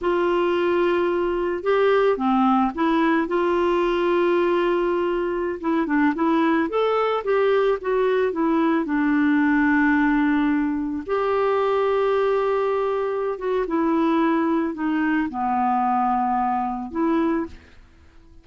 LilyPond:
\new Staff \with { instrumentName = "clarinet" } { \time 4/4 \tempo 4 = 110 f'2. g'4 | c'4 e'4 f'2~ | f'2~ f'16 e'8 d'8 e'8.~ | e'16 a'4 g'4 fis'4 e'8.~ |
e'16 d'2.~ d'8.~ | d'16 g'2.~ g'8.~ | g'8 fis'8 e'2 dis'4 | b2. e'4 | }